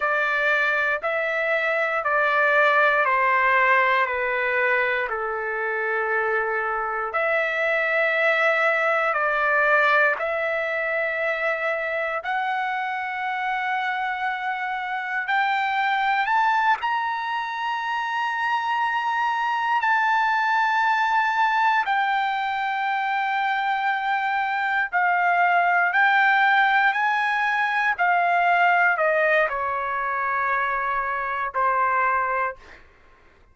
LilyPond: \new Staff \with { instrumentName = "trumpet" } { \time 4/4 \tempo 4 = 59 d''4 e''4 d''4 c''4 | b'4 a'2 e''4~ | e''4 d''4 e''2 | fis''2. g''4 |
a''8 ais''2. a''8~ | a''4. g''2~ g''8~ | g''8 f''4 g''4 gis''4 f''8~ | f''8 dis''8 cis''2 c''4 | }